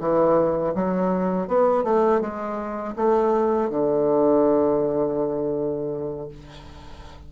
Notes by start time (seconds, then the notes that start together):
0.00 E3
0.75 F#3
1.48 B3
1.84 A3
2.22 G#3
2.96 A3
3.70 D3